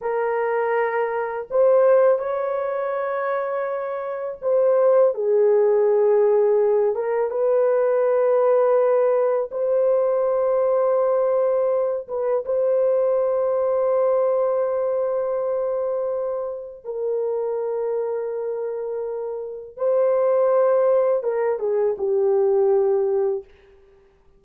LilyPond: \new Staff \with { instrumentName = "horn" } { \time 4/4 \tempo 4 = 82 ais'2 c''4 cis''4~ | cis''2 c''4 gis'4~ | gis'4. ais'8 b'2~ | b'4 c''2.~ |
c''8 b'8 c''2.~ | c''2. ais'4~ | ais'2. c''4~ | c''4 ais'8 gis'8 g'2 | }